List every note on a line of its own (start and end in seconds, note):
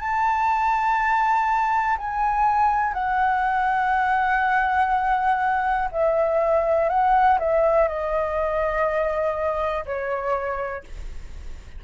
0.00 1.97 A5
1.98 2.94 G#5
2.94 5.89 F#5
5.92 6.89 E5
6.89 7.38 F#5
7.39 7.88 E5
7.88 9.85 D#5
9.85 10.84 C#5